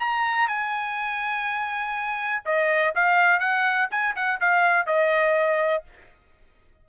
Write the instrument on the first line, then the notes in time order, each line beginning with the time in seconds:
trumpet
0.00 A#5
0.48 G#5
2.46 D#5
2.96 F5
3.40 F#5
3.91 G#5
4.16 F#5
4.41 F5
4.87 D#5